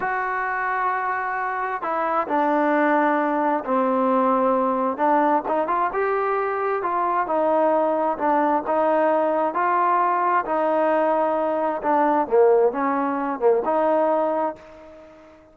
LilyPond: \new Staff \with { instrumentName = "trombone" } { \time 4/4 \tempo 4 = 132 fis'1 | e'4 d'2. | c'2. d'4 | dis'8 f'8 g'2 f'4 |
dis'2 d'4 dis'4~ | dis'4 f'2 dis'4~ | dis'2 d'4 ais4 | cis'4. ais8 dis'2 | }